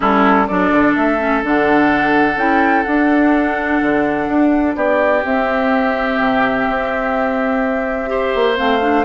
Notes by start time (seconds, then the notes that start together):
0.00 G3 C#4 E4 A4
0.47 F#3 D4 A4 D5
0.71 D3
0.95 A3 E5
1.19 C#4
1.43 D3 D4 F#5
2.36 C#4 E4 G5
2.83 D4 F#5
3.81 D3
4.27 D4
4.75 B3 G4 D5
5.23 C4 E5
6.19 C3
6.69 C4
8.06 G4 C5
8.34 A#3
8.56 A3 C4 F5
8.80 D4